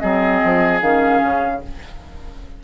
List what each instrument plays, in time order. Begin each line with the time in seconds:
0.00 bassoon F#3, clarinet C4, oboe G#4, flute D#5
0.45 bassoon F3
0.81 bassoon D#3, clarinet C#4, flute F5
1.24 bassoon C#3